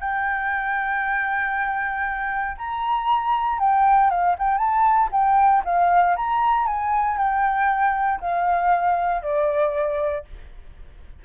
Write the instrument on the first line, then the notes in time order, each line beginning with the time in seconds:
flute
0.00 G5
2.57 A#5
3.59 G5
4.10 F5
4.38 G5
4.58 A5
5.11 G5
5.65 F5
6.16 A#5
6.66 G#5
7.17 G5
8.20 F5
9.22 D5